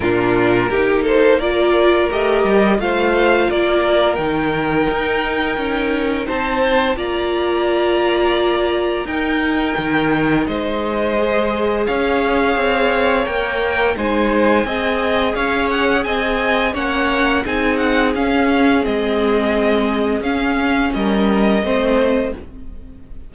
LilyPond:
<<
  \new Staff \with { instrumentName = "violin" } { \time 4/4 \tempo 4 = 86 ais'4. c''8 d''4 dis''4 | f''4 d''4 g''2~ | g''4 a''4 ais''2~ | ais''4 g''2 dis''4~ |
dis''4 f''2 g''4 | gis''2 f''8 fis''8 gis''4 | fis''4 gis''8 fis''8 f''4 dis''4~ | dis''4 f''4 dis''2 | }
  \new Staff \with { instrumentName = "violin" } { \time 4/4 f'4 g'8 a'8 ais'2 | c''4 ais'2.~ | ais'4 c''4 d''2~ | d''4 ais'2 c''4~ |
c''4 cis''2. | c''4 dis''4 cis''4 dis''4 | cis''4 gis'2.~ | gis'2 ais'4 c''4 | }
  \new Staff \with { instrumentName = "viola" } { \time 4/4 d'4 dis'4 f'4 g'4 | f'2 dis'2~ | dis'2 f'2~ | f'4 dis'2. |
gis'2. ais'4 | dis'4 gis'2. | cis'4 dis'4 cis'4 c'4~ | c'4 cis'2 c'4 | }
  \new Staff \with { instrumentName = "cello" } { \time 4/4 ais,4 ais2 a8 g8 | a4 ais4 dis4 dis'4 | cis'4 c'4 ais2~ | ais4 dis'4 dis4 gis4~ |
gis4 cis'4 c'4 ais4 | gis4 c'4 cis'4 c'4 | ais4 c'4 cis'4 gis4~ | gis4 cis'4 g4 a4 | }
>>